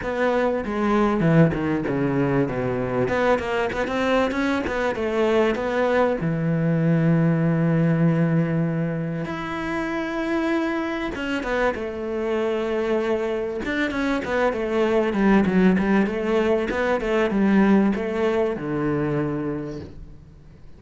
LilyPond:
\new Staff \with { instrumentName = "cello" } { \time 4/4 \tempo 4 = 97 b4 gis4 e8 dis8 cis4 | b,4 b8 ais8 b16 c'8. cis'8 b8 | a4 b4 e2~ | e2. e'4~ |
e'2 cis'8 b8 a4~ | a2 d'8 cis'8 b8 a8~ | a8 g8 fis8 g8 a4 b8 a8 | g4 a4 d2 | }